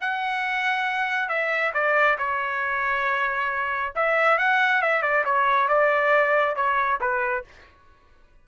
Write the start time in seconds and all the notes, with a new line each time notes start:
0.00 F#5
1.29 E5
1.73 D5
2.18 C#5
3.95 E5
4.38 F#5
4.82 E5
5.02 D5
5.25 C#5
5.68 D5
6.55 C#5
7.00 B4